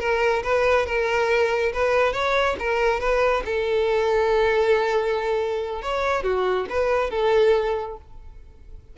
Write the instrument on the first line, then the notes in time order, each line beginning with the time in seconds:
violin
0.00 A#4
0.44 B4
0.86 A#4
1.73 B4
2.13 C#5
2.59 A#4
3.00 B4
3.46 A4
5.82 C#5
6.24 F#4
6.70 B4
7.10 A4